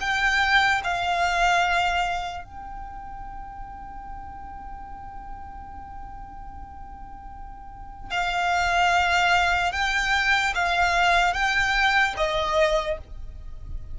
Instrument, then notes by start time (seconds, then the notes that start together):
violin
0.00 G5
0.84 F5
2.44 G5
8.10 F5
9.72 G5
10.54 F5
11.33 G5
12.17 D#5